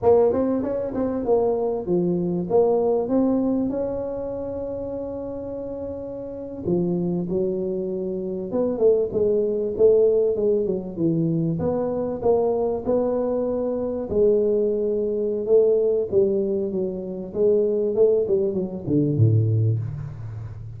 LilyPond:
\new Staff \with { instrumentName = "tuba" } { \time 4/4 \tempo 4 = 97 ais8 c'8 cis'8 c'8 ais4 f4 | ais4 c'4 cis'2~ | cis'2~ cis'8. f4 fis16~ | fis4.~ fis16 b8 a8 gis4 a16~ |
a8. gis8 fis8 e4 b4 ais16~ | ais8. b2 gis4~ gis16~ | gis4 a4 g4 fis4 | gis4 a8 g8 fis8 d8 a,4 | }